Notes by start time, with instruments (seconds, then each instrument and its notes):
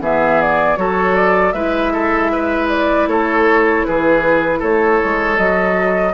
0.00 bassoon E3, clarinet B3, oboe G#4, flute E5
0.42 flute D5
0.76 bassoon F#3, clarinet F#4, oboe A4, flute C#5
1.16 flute D5
1.53 bassoon G#3, clarinet E4, oboe B4, flute E5
1.93 oboe A4
2.32 oboe B4
2.69 flute D5
3.07 bassoon A3, oboe A4, flute C#5
3.85 bassoon E3, oboe G#4, flute B4
4.59 bassoon A3, oboe A4, flute C#5
5.05 bassoon G#3
5.37 bassoon F#3, clarinet F#4, flute D#5